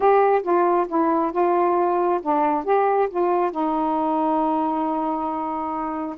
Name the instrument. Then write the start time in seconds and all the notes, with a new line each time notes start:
saxophone
0.00 G4
0.43 F4
0.88 E4
1.32 F4
2.22 D4
2.64 G4
3.10 F4
3.51 D#4